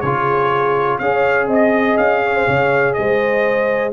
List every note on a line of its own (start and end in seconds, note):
0.00 0.99 C#3
0.00 1.01 F4
0.00 1.00 G#4
0.00 0.98 C#5
0.98 1.47 C#4
0.98 3.92 G#4
0.98 1.47 C#5
0.98 1.47 F5
1.47 1.96 C4
1.47 2.20 D#5
1.47 1.97 D#5
1.97 2.46 C#4
1.97 2.93 F5
2.23 2.35 C#5
2.35 2.46 C5
2.46 2.96 C#3
2.46 2.95 C#5
2.93 3.92 G#3
2.93 3.92 C5
2.93 3.91 D#5